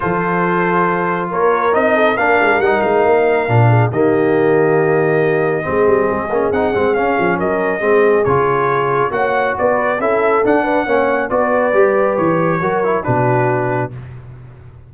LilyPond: <<
  \new Staff \with { instrumentName = "trumpet" } { \time 4/4 \tempo 4 = 138 c''2. cis''4 | dis''4 f''4 fis''8 f''4.~ | f''4 dis''2.~ | dis''2. fis''4 |
f''4 dis''2 cis''4~ | cis''4 fis''4 d''4 e''4 | fis''2 d''2 | cis''2 b'2 | }
  \new Staff \with { instrumentName = "horn" } { \time 4/4 a'2. ais'4~ | ais'8 a'8 ais'2.~ | ais'8 gis'8 g'2.~ | g'4 gis'2.~ |
gis'4 ais'4 gis'2~ | gis'4 cis''4 b'4 a'4~ | a'8 b'8 cis''4 b'2~ | b'4 ais'4 fis'2 | }
  \new Staff \with { instrumentName = "trombone" } { \time 4/4 f'1 | dis'4 d'4 dis'2 | d'4 ais2.~ | ais4 c'4. cis'8 dis'8 c'8 |
cis'2 c'4 f'4~ | f'4 fis'2 e'4 | d'4 cis'4 fis'4 g'4~ | g'4 fis'8 e'8 d'2 | }
  \new Staff \with { instrumentName = "tuba" } { \time 4/4 f2. ais4 | c'4 ais8 gis8 g8 gis8 ais4 | ais,4 dis2.~ | dis4 gis8 g8 gis8 ais8 c'8 gis8 |
cis'8 f8 fis4 gis4 cis4~ | cis4 ais4 b4 cis'4 | d'4 ais4 b4 g4 | e4 fis4 b,2 | }
>>